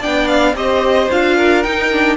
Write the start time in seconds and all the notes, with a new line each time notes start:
0.00 B3 D4 D5 G5
0.28 F5
0.55 C4 G4 C5 D#5
1.11 D4 F4 F5
1.36 A#4
1.63 D#4 G5
1.92 D4